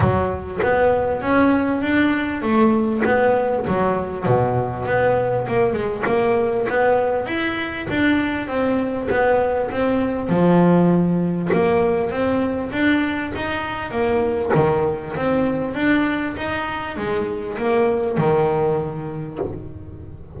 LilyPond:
\new Staff \with { instrumentName = "double bass" } { \time 4/4 \tempo 4 = 99 fis4 b4 cis'4 d'4 | a4 b4 fis4 b,4 | b4 ais8 gis8 ais4 b4 | e'4 d'4 c'4 b4 |
c'4 f2 ais4 | c'4 d'4 dis'4 ais4 | dis4 c'4 d'4 dis'4 | gis4 ais4 dis2 | }